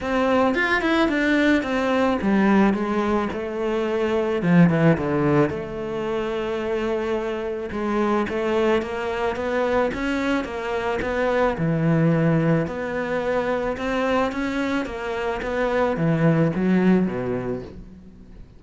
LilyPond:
\new Staff \with { instrumentName = "cello" } { \time 4/4 \tempo 4 = 109 c'4 f'8 e'8 d'4 c'4 | g4 gis4 a2 | f8 e8 d4 a2~ | a2 gis4 a4 |
ais4 b4 cis'4 ais4 | b4 e2 b4~ | b4 c'4 cis'4 ais4 | b4 e4 fis4 b,4 | }